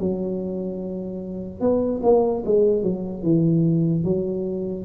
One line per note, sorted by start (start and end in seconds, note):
0.00 1.61 F#3
1.61 2.01 B3
2.03 2.44 A#3
2.45 2.83 G#3
2.83 3.23 F#3
3.23 4.04 E3
4.04 4.85 F#3